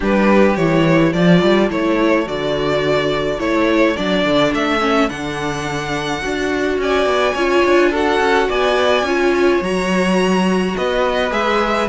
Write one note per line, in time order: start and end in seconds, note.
0.00 0.57 G3
0.00 0.57 D4
0.00 1.11 G4
0.00 0.56 B4
0.56 1.13 E3
0.56 1.15 E4
0.56 1.12 C#5
1.11 1.41 F3
1.11 1.69 F4
1.11 6.77 A4
1.11 1.69 D5
1.41 1.70 G3
1.69 2.27 A3
1.69 2.25 E4
1.69 2.27 C#5
2.25 3.39 D3
2.25 3.38 F#4
2.25 3.39 D5
3.38 3.96 A3
3.38 3.95 E4
3.38 3.96 C#5
3.96 4.25 F#3
3.96 4.79 D4
3.96 4.52 D5
4.25 4.53 D3
4.53 5.10 A3
4.53 5.09 E5
4.79 5.08 C#4
5.08 6.23 D3
5.08 6.21 D4
5.08 6.78 F#5
6.21 6.78 D4
6.21 7.34 F#4
6.78 7.06 C#4
6.78 7.33 D5
6.78 7.94 G#5
7.06 7.34 B3
7.33 7.63 C#4
7.33 7.92 F4
7.33 7.89 C#5
7.64 8.19 D4
7.91 9.05 F#4
7.91 8.47 A4
7.91 8.50 F#5
8.19 8.47 C#4
8.48 9.02 B3
8.48 9.05 D5
8.48 9.63 G#5
9.02 9.59 C#4
9.02 9.62 F4
9.02 10.75 C#5
9.61 10.74 F#3
9.61 11.30 F#4
9.61 10.76 A#5
10.76 11.31 B3
10.76 11.89 B4
10.76 11.32 D#5
11.30 11.87 G#3
11.30 11.87 G#4
11.30 11.88 E5